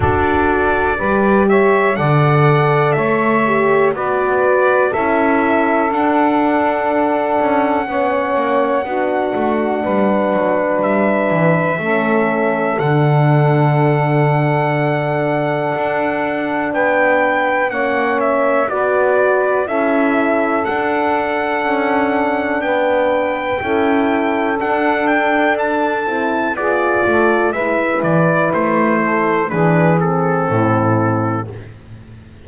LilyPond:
<<
  \new Staff \with { instrumentName = "trumpet" } { \time 4/4 \tempo 4 = 61 d''4. e''8 fis''4 e''4 | d''4 e''4 fis''2~ | fis''2. e''4~ | e''4 fis''2.~ |
fis''4 g''4 fis''8 e''8 d''4 | e''4 fis''2 g''4~ | g''4 fis''8 g''8 a''4 d''4 | e''8 d''8 c''4 b'8 a'4. | }
  \new Staff \with { instrumentName = "saxophone" } { \time 4/4 a'4 b'8 cis''8 d''4 cis''4 | b'4 a'2. | cis''4 fis'4 b'2 | a'1~ |
a'4 b'4 cis''4 b'4 | a'2. b'4 | a'2. gis'8 a'8 | b'4. a'8 gis'4 e'4 | }
  \new Staff \with { instrumentName = "horn" } { \time 4/4 fis'4 g'4 a'4. g'8 | fis'4 e'4 d'2 | cis'4 d'2. | cis'4 d'2.~ |
d'2 cis'4 fis'4 | e'4 d'2. | e'4 d'4. e'8 f'4 | e'2 d'8 c'4. | }
  \new Staff \with { instrumentName = "double bass" } { \time 4/4 d'4 g4 d4 a4 | b4 cis'4 d'4. cis'8 | b8 ais8 b8 a8 g8 fis8 g8 e8 | a4 d2. |
d'4 b4 ais4 b4 | cis'4 d'4 cis'4 b4 | cis'4 d'4. c'8 b8 a8 | gis8 e8 a4 e4 a,4 | }
>>